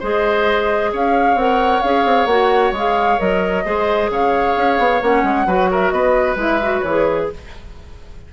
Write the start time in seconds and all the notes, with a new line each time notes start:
0.00 G#3 G#4 C5 D#5
0.93 C#4 C#5 F5
1.35 C4 A#4 F#5
1.83 C#4 G#4 F5
2.06 C4
2.26 A#3 F#4 F#5
2.72 G#3 G#4
2.78 F5
3.19 F#3 A#4 D#5
3.65 G#3 G#4 C5
4.10 C#3 C#5 F5
4.57 C#4
4.79 B3
5.02 A#3 C#4 F#5
5.24 G#3
5.47 F#3 F#4 B4
5.71 A#4 E5
5.91 B3 B4 D#5
6.36 G#3 E4 E5
6.63 F#4
6.81 E3 C#5
6.88 G#4